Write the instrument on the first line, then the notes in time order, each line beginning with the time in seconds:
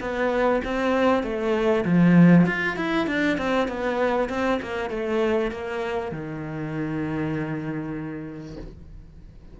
cello
0.00 B3
0.64 C4
1.22 A3
1.84 F3
2.46 F4
2.76 E4
3.06 D4
3.37 C4
3.68 B3
4.29 C4
4.62 A#3
4.90 A3
5.51 A#3
6.11 D#3